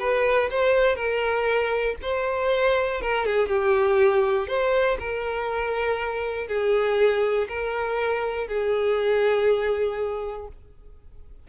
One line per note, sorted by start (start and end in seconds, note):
0.00 0.50 B4
0.51 0.96 C5
0.96 1.96 A#4
2.02 3.02 C5
3.02 3.26 A#4
3.26 3.49 G#4
3.49 4.48 G4
4.48 4.98 C5
5.00 6.48 A#4
6.48 7.48 G#4
7.49 8.48 A#4
8.48 10.48 G#4